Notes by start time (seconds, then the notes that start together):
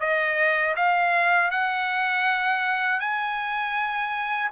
0.00 D#5
0.76 F5
1.51 F#5
3.00 G#5